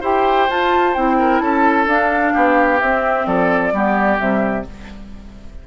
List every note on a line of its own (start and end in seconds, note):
0.00 0.48 E4
0.00 0.48 G4
0.00 1.16 C5
0.00 0.50 G5
0.49 0.96 F4
0.49 0.95 F4
0.49 0.94 A5
0.94 1.40 C4
0.94 1.87 E4
0.94 1.39 G5
1.18 1.42 A#4
1.39 1.86 C#4
1.39 2.33 A4
1.39 1.86 A5
1.86 2.33 D4
1.86 2.80 D4
1.86 2.80 F5
2.33 2.81 B3
2.33 3.26 G4
2.80 3.26 C4
2.80 3.73 C4
2.80 3.26 E5
3.26 3.72 F3
3.26 3.73 A4
3.26 4.19 D5
3.72 4.19 G3
3.72 4.18 B3
3.72 4.67 G4
4.18 4.66 C3
4.18 4.64 G3
4.18 4.65 E5